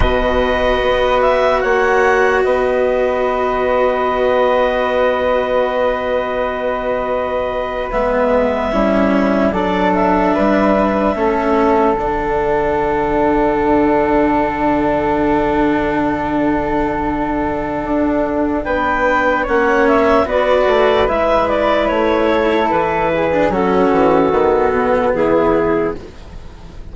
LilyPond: <<
  \new Staff \with { instrumentName = "clarinet" } { \time 4/4 \tempo 4 = 74 dis''4. e''8 fis''4 dis''4~ | dis''1~ | dis''4.~ dis''16 e''2 d''16~ | d''16 e''2~ e''8 fis''4~ fis''16~ |
fis''1~ | fis''2. g''4 | fis''8 e''8 d''4 e''8 d''8 cis''4 | b'4 a'2 gis'4 | }
  \new Staff \with { instrumentName = "flute" } { \time 4/4 b'2 cis''4 b'4~ | b'1~ | b'2~ b'8. e'4 a'16~ | a'8. b'4 a'2~ a'16~ |
a'1~ | a'2. b'4 | cis''4 b'2~ b'8 a'8~ | a'8 gis'8 fis'2 e'4 | }
  \new Staff \with { instrumentName = "cello" } { \time 4/4 fis'1~ | fis'1~ | fis'4.~ fis'16 b4 cis'4 d'16~ | d'4.~ d'16 cis'4 d'4~ d'16~ |
d'1~ | d'1 | cis'4 fis'4 e'2~ | e'8. d'16 cis'4 b2 | }
  \new Staff \with { instrumentName = "bassoon" } { \time 4/4 b,4 b4 ais4 b4~ | b1~ | b4.~ b16 gis4 g4 fis16~ | fis8. g4 a4 d4~ d16~ |
d1~ | d2 d'4 b4 | ais4 b8 a8 gis4 a4 | e4 fis8 e8 dis8 b,8 e4 | }
>>